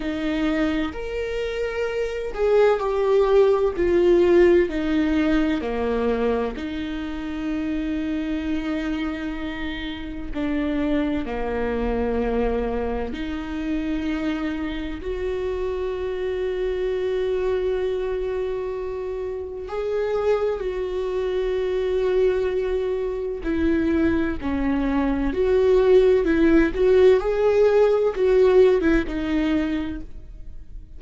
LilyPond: \new Staff \with { instrumentName = "viola" } { \time 4/4 \tempo 4 = 64 dis'4 ais'4. gis'8 g'4 | f'4 dis'4 ais4 dis'4~ | dis'2. d'4 | ais2 dis'2 |
fis'1~ | fis'4 gis'4 fis'2~ | fis'4 e'4 cis'4 fis'4 | e'8 fis'8 gis'4 fis'8. e'16 dis'4 | }